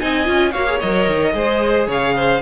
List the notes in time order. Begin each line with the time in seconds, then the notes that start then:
0.00 C4 D#4 D#5 G#5
0.25 C#4 F4
0.52 A#3 F#4 C#5 F5
0.67 G#4
0.80 F#3 A#4 D#5
1.08 D#3
1.33 G#3 G#4 C5
1.87 C#3 C#5 F5
2.16 C5